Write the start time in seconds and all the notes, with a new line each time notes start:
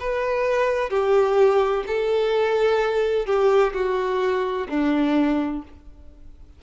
0.00 B4
0.90 G4
1.87 A4
3.26 G4
3.74 F#4
4.69 D4